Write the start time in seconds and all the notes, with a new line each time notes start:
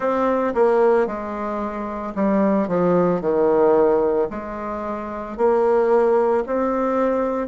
0.00 C4
0.54 A#3
1.06 G#3
2.15 G3
2.67 F3
3.21 D#3
4.30 G#3
5.37 A#3
6.46 C4